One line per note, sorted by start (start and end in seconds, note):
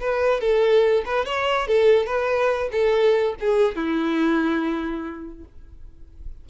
0.00 0.40 B4
0.40 1.04 A4
1.05 1.25 B4
1.25 1.67 C#5
1.67 2.06 A4
2.06 2.69 B4
2.71 3.35 A4
3.40 3.75 G#4
3.75 5.44 E4